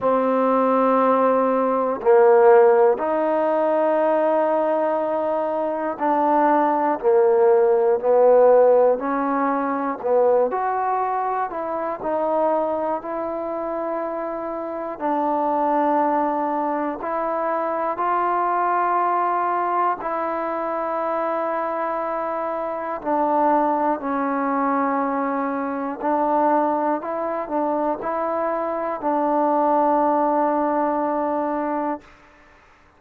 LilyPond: \new Staff \with { instrumentName = "trombone" } { \time 4/4 \tempo 4 = 60 c'2 ais4 dis'4~ | dis'2 d'4 ais4 | b4 cis'4 b8 fis'4 e'8 | dis'4 e'2 d'4~ |
d'4 e'4 f'2 | e'2. d'4 | cis'2 d'4 e'8 d'8 | e'4 d'2. | }